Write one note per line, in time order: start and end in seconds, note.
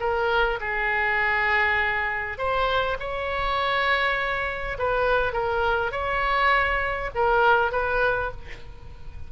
0.00 0.59 A#4
0.60 2.38 G#4
2.38 2.97 C5
3.00 4.78 C#5
4.78 5.33 B4
5.33 5.92 A#4
5.92 7.10 C#5
7.15 7.72 A#4
7.72 8.31 B4